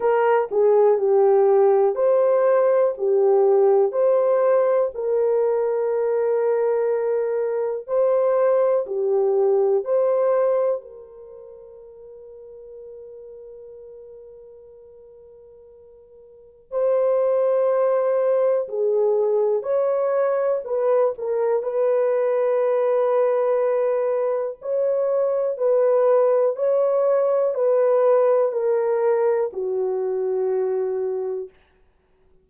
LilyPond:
\new Staff \with { instrumentName = "horn" } { \time 4/4 \tempo 4 = 61 ais'8 gis'8 g'4 c''4 g'4 | c''4 ais'2. | c''4 g'4 c''4 ais'4~ | ais'1~ |
ais'4 c''2 gis'4 | cis''4 b'8 ais'8 b'2~ | b'4 cis''4 b'4 cis''4 | b'4 ais'4 fis'2 | }